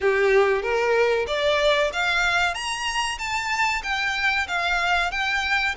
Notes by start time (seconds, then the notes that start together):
0.01 G4
0.62 A#4
1.27 D5
1.92 F5
2.54 A#5
3.18 A5
3.83 G5
4.47 F5
5.11 G5